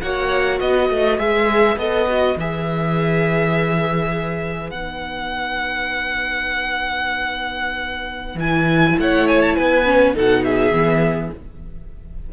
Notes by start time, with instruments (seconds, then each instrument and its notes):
0.00 cello A#3, viola F#4, violin C#5 F#5
0.60 cello B3, violin B4 D#5
0.89 cello A3
1.18 cello G#3, viola G#4, violin E5
1.76 cello B3, viola A4, violin D#5
2.08 viola F#4
2.36 cello E3, viola G#4, violin E5
4.70 cello B3, viola D#4, violin F#5
8.35 cello E3, viola E4, violin G#5
8.98 cello A3, violin C#5 F#5
9.28 violin G#5
9.41 violin A5
9.55 cello B3, violin B4 G#5
9.85 viola C#4
10.14 cello B2, viola D#4, violin A4 F#5
10.44 violin G#4 E5
10.71 cello E3, viola B3